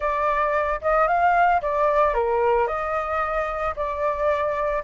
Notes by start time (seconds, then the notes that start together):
0.00 D5
0.81 D#5
1.07 F5
1.61 D5
2.14 A#4
2.67 D#5
3.76 D5